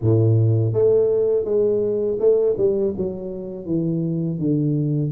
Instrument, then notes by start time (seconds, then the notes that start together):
tuba
0.01 A2
0.73 A3
1.45 G#3
2.19 A3
2.57 G3
2.96 F#3
3.66 E3
4.38 D3